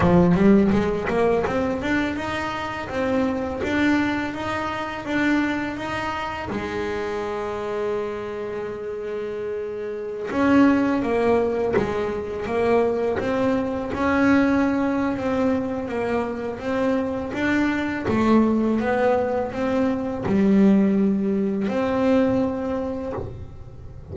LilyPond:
\new Staff \with { instrumentName = "double bass" } { \time 4/4 \tempo 4 = 83 f8 g8 gis8 ais8 c'8 d'8 dis'4 | c'4 d'4 dis'4 d'4 | dis'4 gis2.~ | gis2~ gis16 cis'4 ais8.~ |
ais16 gis4 ais4 c'4 cis'8.~ | cis'4 c'4 ais4 c'4 | d'4 a4 b4 c'4 | g2 c'2 | }